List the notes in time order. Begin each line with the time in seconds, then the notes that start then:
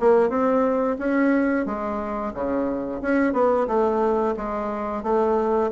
0.00 A#3
0.30 C4
0.99 C#4
1.66 G#3
2.34 C#3
3.02 C#4
3.33 B3
3.68 A3
4.37 G#3
5.03 A3